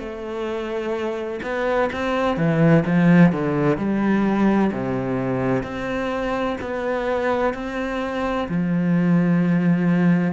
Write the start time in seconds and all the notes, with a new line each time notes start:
0.00 A3
1.43 B3
1.93 C4
2.37 E3
2.86 F3
3.33 D3
3.78 G3
4.73 C3
5.63 C4
6.61 B3
7.54 C4
8.49 F3